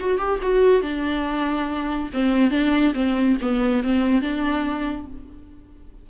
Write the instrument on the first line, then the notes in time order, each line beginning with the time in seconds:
viola
0.00 F#4
0.19 G4
0.43 F#4
0.82 D4
2.14 C4
2.51 D4
2.95 C4
3.42 B3
3.84 C4
4.22 D4